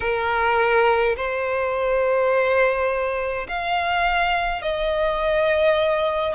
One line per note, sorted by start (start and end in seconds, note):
0.00 1.15 A#4
1.16 3.47 C5
3.48 4.62 F5
4.62 6.34 D#5